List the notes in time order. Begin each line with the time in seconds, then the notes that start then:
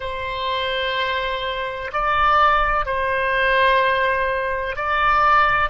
0.00 C5
1.92 D5
2.85 C5
4.76 D5